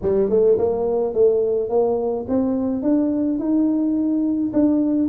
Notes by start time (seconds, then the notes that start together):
0.02 G3
0.29 A3
0.57 A#3
1.13 A3
1.69 A#3
2.28 C4
2.82 D4
3.38 D#4
4.53 D4